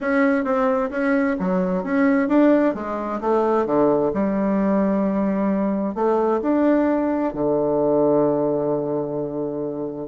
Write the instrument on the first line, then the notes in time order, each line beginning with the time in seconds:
bassoon
0.00 C#4
0.44 C4
0.90 C#4
1.39 F#3
1.83 C#4
2.28 D4
2.74 G#3
3.20 A3
3.66 D3
4.13 G3
5.94 A3
6.42 D4
7.33 D3